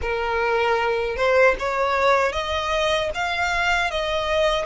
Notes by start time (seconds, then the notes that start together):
0.01 A#4
1.16 C5
1.59 C#5
2.32 D#5
3.14 F5
3.90 D#5